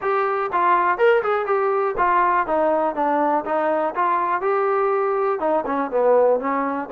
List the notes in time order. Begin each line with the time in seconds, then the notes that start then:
0.01 G4
0.52 F4
0.97 A#4
1.22 G#4
1.46 G4
1.97 F4
2.46 D#4
2.95 D4
3.45 D#4
3.95 F4
4.41 G4
5.39 D#4
5.66 C#4
5.90 B3
6.40 C#4